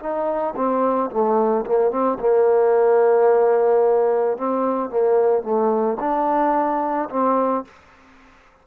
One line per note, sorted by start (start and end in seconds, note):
0.00 0.55 D#4
0.56 1.11 C4
1.11 1.65 A3
1.66 1.91 A#3
1.91 2.19 C4
2.20 4.38 A#3
4.38 4.90 C4
4.90 5.43 A#3
5.43 5.98 A3
6.00 7.10 D4
7.10 7.65 C4